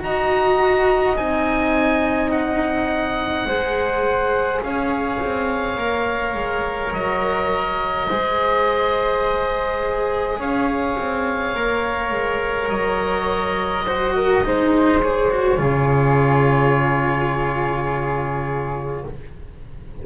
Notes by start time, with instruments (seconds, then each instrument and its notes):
0.00 double bass D#4, cello F#4, flute D#5, oboe A#5
1.17 double bass C4, cello D#4, oboe G#5
2.31 oboe F#5
3.45 double bass G#3, cello G#4, flute C5
4.62 double bass C#4, flute C#5, oboe F5
5.21 double bass C4
5.77 double bass A#3, cello A#4
6.34 double bass G#3
6.93 double bass F#3, oboe D#5
8.08 double bass G#3, cello G#4, flute C5
10.38 double bass C#4, flute C#5, oboe F5
10.98 double bass C4
11.55 double bass A#3, cello A#4
12.11 double bass G#3
12.69 double bass F#3, oboe D#5
13.86 cello F#4, flute C5
14.15 flute A#4
14.44 double bass G#3, cello D#4, flute C5
15.02 cello G#4, oboe C#5
15.30 cello F#4
15.57 double bass C#3, cello F4, flute G#4